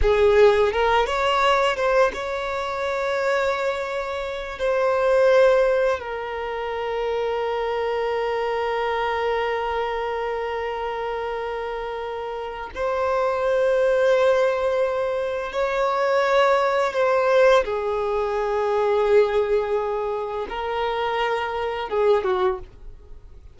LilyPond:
\new Staff \with { instrumentName = "violin" } { \time 4/4 \tempo 4 = 85 gis'4 ais'8 cis''4 c''8 cis''4~ | cis''2~ cis''8 c''4.~ | c''8 ais'2.~ ais'8~ | ais'1~ |
ais'2 c''2~ | c''2 cis''2 | c''4 gis'2.~ | gis'4 ais'2 gis'8 fis'8 | }